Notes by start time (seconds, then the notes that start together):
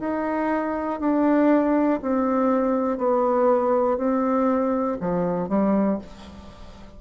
0.00 D#4
1.00 D4
2.02 C4
2.98 B3
3.98 C4
5.00 F3
5.49 G3